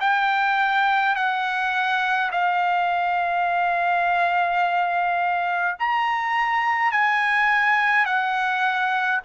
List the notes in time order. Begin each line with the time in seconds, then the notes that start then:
0.00 G5
1.15 F#5
2.31 F5
5.79 A#5
6.91 G#5
8.05 F#5